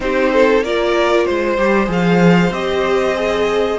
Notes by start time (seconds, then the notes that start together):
0.00 C4 D#4 G4 C5
0.33 A4
0.61 A#3 F4 A#4 D5
1.25 G#3 C5
1.57 G3 G4
1.86 F3 G#4 F5
2.50 C4 G4 D#5
3.15 G#4